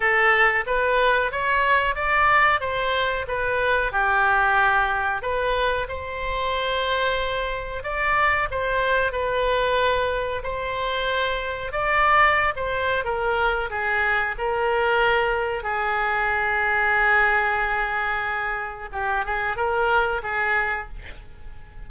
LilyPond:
\new Staff \with { instrumentName = "oboe" } { \time 4/4 \tempo 4 = 92 a'4 b'4 cis''4 d''4 | c''4 b'4 g'2 | b'4 c''2. | d''4 c''4 b'2 |
c''2 d''4~ d''16 c''8. | ais'4 gis'4 ais'2 | gis'1~ | gis'4 g'8 gis'8 ais'4 gis'4 | }